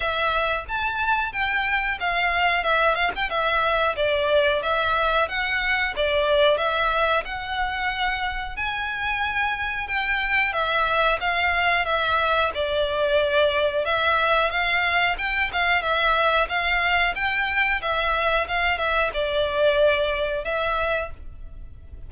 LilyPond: \new Staff \with { instrumentName = "violin" } { \time 4/4 \tempo 4 = 91 e''4 a''4 g''4 f''4 | e''8 f''16 g''16 e''4 d''4 e''4 | fis''4 d''4 e''4 fis''4~ | fis''4 gis''2 g''4 |
e''4 f''4 e''4 d''4~ | d''4 e''4 f''4 g''8 f''8 | e''4 f''4 g''4 e''4 | f''8 e''8 d''2 e''4 | }